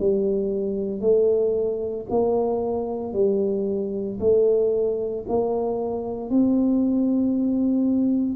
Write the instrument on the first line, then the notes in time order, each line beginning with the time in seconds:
tuba
0.00 G3
1.00 A3
2.10 A#3
3.13 G3
4.20 A3
5.29 A#3
6.30 C4